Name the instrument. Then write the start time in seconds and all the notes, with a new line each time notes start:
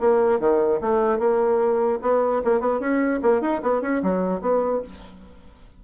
bassoon
0.00 A#3
0.40 D#3
0.81 A3
1.19 A#3
2.02 B3
2.45 A#3
2.60 B3
2.80 C#4
3.23 A#3
3.41 D#4
3.62 B3
3.82 C#4
4.03 F#3
4.41 B3